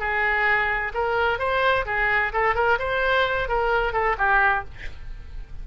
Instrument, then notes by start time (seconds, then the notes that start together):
oboe
0.00 G#4
0.94 A#4
1.39 C5
1.86 G#4
2.33 A4
2.55 A#4
2.79 C5
3.49 A#4
3.93 A4
4.18 G4